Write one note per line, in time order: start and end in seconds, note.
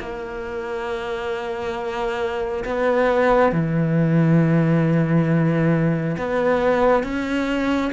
0.00 2.65 A#3
2.65 3.53 B3
3.53 6.17 E3
6.18 7.03 B3
7.03 7.92 C#4